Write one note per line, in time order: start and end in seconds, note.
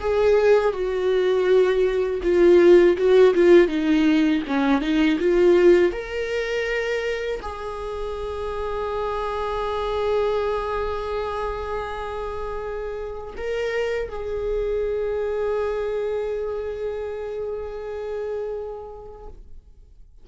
0.00 0.73 G#4
0.73 2.21 F#4
2.23 2.97 F4
2.97 3.34 F#4
3.34 3.68 F4
3.68 4.42 D#4
4.47 4.81 C#4
4.81 5.18 D#4
5.20 5.92 F4
5.92 7.40 A#4
7.42 13.34 G#4
13.37 14.08 A#4
14.08 19.27 G#4